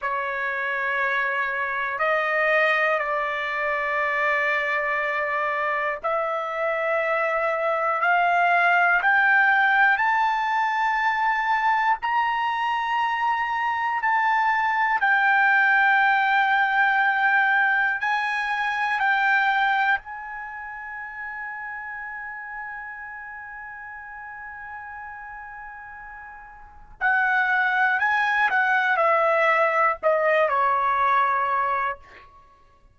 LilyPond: \new Staff \with { instrumentName = "trumpet" } { \time 4/4 \tempo 4 = 60 cis''2 dis''4 d''4~ | d''2 e''2 | f''4 g''4 a''2 | ais''2 a''4 g''4~ |
g''2 gis''4 g''4 | gis''1~ | gis''2. fis''4 | gis''8 fis''8 e''4 dis''8 cis''4. | }